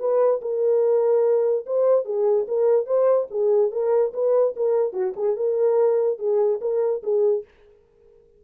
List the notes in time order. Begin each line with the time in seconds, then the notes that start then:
0.00 B4
0.42 A#4
1.67 C5
2.06 G#4
2.48 A#4
2.87 C5
3.31 G#4
3.72 A#4
4.14 B4
4.57 A#4
4.94 F#4
5.17 G#4
5.37 A#4
6.19 G#4
6.62 A#4
7.03 G#4